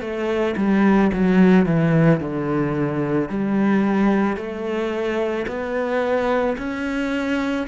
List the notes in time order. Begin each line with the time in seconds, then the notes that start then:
0.00 A3
0.57 G3
1.13 F#3
1.66 E3
2.20 D3
3.29 G3
4.36 A3
5.47 B3
6.58 C#4